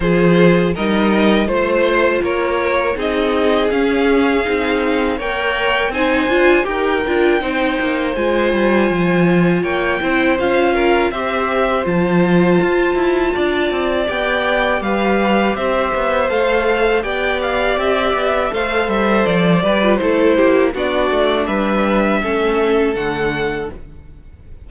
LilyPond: <<
  \new Staff \with { instrumentName = "violin" } { \time 4/4 \tempo 4 = 81 c''4 dis''4 c''4 cis''4 | dis''4 f''2 g''4 | gis''4 g''2 gis''4~ | gis''4 g''4 f''4 e''4 |
a''2. g''4 | f''4 e''4 f''4 g''8 f''8 | e''4 f''8 e''8 d''4 c''4 | d''4 e''2 fis''4 | }
  \new Staff \with { instrumentName = "violin" } { \time 4/4 gis'4 ais'4 c''4 ais'4 | gis'2. cis''4 | c''4 ais'4 c''2~ | c''4 cis''8 c''4 ais'8 c''4~ |
c''2 d''2 | b'4 c''2 d''4~ | d''4 c''4. b'8 a'8 g'8 | fis'4 b'4 a'2 | }
  \new Staff \with { instrumentName = "viola" } { \time 4/4 f'4 dis'4 f'2 | dis'4 cis'4 dis'4 ais'4 | dis'8 f'8 g'8 f'8 dis'4 f'4~ | f'4. e'8 f'4 g'4 |
f'2. g'4~ | g'2 a'4 g'4~ | g'4 a'4. g'16 f'16 e'4 | d'2 cis'4 a4 | }
  \new Staff \with { instrumentName = "cello" } { \time 4/4 f4 g4 a4 ais4 | c'4 cis'4 c'4 ais4 | c'8 d'8 dis'8 d'8 c'8 ais8 gis8 g8 | f4 ais8 c'8 cis'4 c'4 |
f4 f'8 e'8 d'8 c'8 b4 | g4 c'8 b8 a4 b4 | c'8 b8 a8 g8 f8 g8 a8 ais8 | b8 a8 g4 a4 d4 | }
>>